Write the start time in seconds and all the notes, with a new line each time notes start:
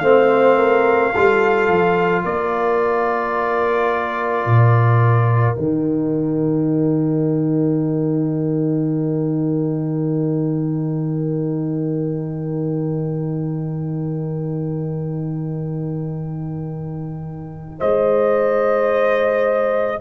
0.00 A3 C4 C5 F5
0.57 A#4
1.13 G3 F4 A4
1.69 F3
2.25 A#3 A#4 D5
4.46 A#2
5.56 D#3 D#4 G5
17.79 G#3 C5 D#5